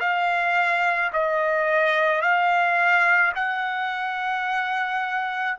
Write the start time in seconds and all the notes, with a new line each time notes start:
0.00 F5
1.13 D#5
2.22 F5
3.35 F#5